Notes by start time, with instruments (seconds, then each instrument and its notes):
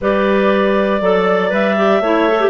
0.01 bassoon G3, clarinet G4 B4 D5
1.01 bassoon F#3, clarinet A4 D5
1.49 bassoon G3, clarinet B4 E5
1.76 clarinet G4
2.00 bassoon A3, clarinet E4 C#5
2.28 clarinet A4
2.41 clarinet G4